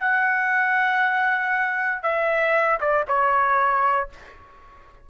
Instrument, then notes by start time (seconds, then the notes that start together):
trumpet
0.00 F#5
2.02 E5
2.80 D5
3.08 C#5